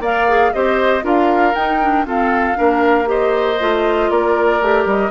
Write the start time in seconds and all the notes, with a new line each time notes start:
0.00 A#3 A#4 D5 F5
0.28 G#4
0.53 C4 G4 C5 D#5
1.02 D4 F4 A#4 F5
1.55 D#4 G5
1.82 D4
2.05 C4 F4 A4 F5
2.55 A#3 D4 A#4
3.06 G4 C5 D#5
3.60 A3 F4
4.10 A#3 A#4 D5
4.61 A3 G4
4.86 G3 D#5